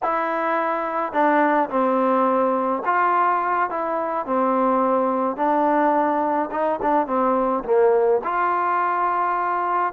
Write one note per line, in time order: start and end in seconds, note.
0.02 1.12 E4
1.12 1.69 D4
1.69 2.82 C4
2.85 3.69 F4
3.70 4.26 E4
4.26 5.36 C4
5.36 6.49 D4
6.51 6.79 D#4
6.82 7.07 D4
7.07 7.63 C4
7.64 8.21 A#3
8.24 9.93 F4